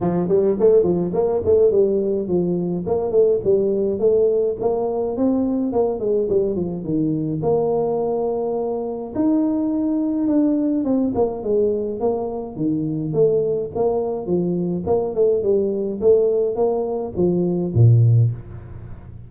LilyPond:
\new Staff \with { instrumentName = "tuba" } { \time 4/4 \tempo 4 = 105 f8 g8 a8 f8 ais8 a8 g4 | f4 ais8 a8 g4 a4 | ais4 c'4 ais8 gis8 g8 f8 | dis4 ais2. |
dis'2 d'4 c'8 ais8 | gis4 ais4 dis4 a4 | ais4 f4 ais8 a8 g4 | a4 ais4 f4 ais,4 | }